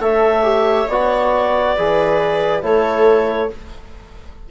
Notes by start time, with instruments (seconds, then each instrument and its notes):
0.00 bassoon A3, trombone A4, viola C#5, clarinet E5
0.43 trombone G4
0.88 bassoon B3, trombone F#4, clarinet D5
1.76 bassoon E3, trombone G#4, viola B4
2.62 bassoon A3, trombone E4, viola A4, clarinet C#5